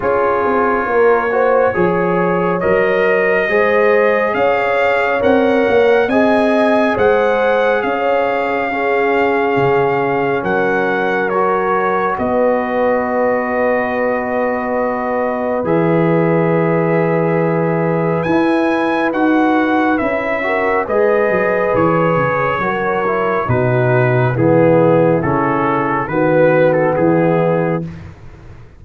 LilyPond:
<<
  \new Staff \with { instrumentName = "trumpet" } { \time 4/4 \tempo 4 = 69 cis''2. dis''4~ | dis''4 f''4 fis''4 gis''4 | fis''4 f''2. | fis''4 cis''4 dis''2~ |
dis''2 e''2~ | e''4 gis''4 fis''4 e''4 | dis''4 cis''2 b'4 | gis'4 a'4 b'8. a'16 gis'4 | }
  \new Staff \with { instrumentName = "horn" } { \time 4/4 gis'4 ais'8 c''8 cis''2 | c''4 cis''2 dis''4 | c''4 cis''4 gis'2 | ais'2 b'2~ |
b'1~ | b'2.~ b'8 ais'8 | b'2 ais'4 fis'4 | e'2 fis'4 e'4 | }
  \new Staff \with { instrumentName = "trombone" } { \time 4/4 f'4. fis'8 gis'4 ais'4 | gis'2 ais'4 gis'4~ | gis'2 cis'2~ | cis'4 fis'2.~ |
fis'2 gis'2~ | gis'4 e'4 fis'4 e'8 fis'8 | gis'2 fis'8 e'8 dis'4 | b4 cis'4 b2 | }
  \new Staff \with { instrumentName = "tuba" } { \time 4/4 cis'8 c'8 ais4 f4 fis4 | gis4 cis'4 c'8 ais8 c'4 | gis4 cis'2 cis4 | fis2 b2~ |
b2 e2~ | e4 e'4 dis'4 cis'4 | gis8 fis8 e8 cis8 fis4 b,4 | e4 cis4 dis4 e4 | }
>>